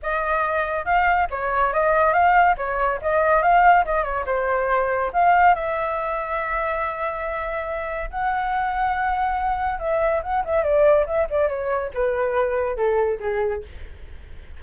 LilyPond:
\new Staff \with { instrumentName = "flute" } { \time 4/4 \tempo 4 = 141 dis''2 f''4 cis''4 | dis''4 f''4 cis''4 dis''4 | f''4 dis''8 cis''8 c''2 | f''4 e''2.~ |
e''2. fis''4~ | fis''2. e''4 | fis''8 e''8 d''4 e''8 d''8 cis''4 | b'2 a'4 gis'4 | }